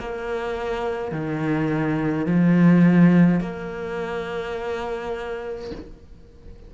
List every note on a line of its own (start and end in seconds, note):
0.00 1.12 A#3
1.12 2.27 D#3
2.27 3.41 F3
3.41 5.72 A#3